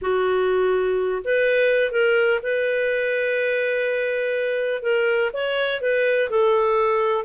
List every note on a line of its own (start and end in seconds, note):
0.01 1.22 F#4
1.24 1.91 B4
1.91 2.40 A#4
2.42 4.82 B4
4.82 5.30 A#4
5.33 5.81 C#5
5.81 6.29 B4
6.29 7.24 A4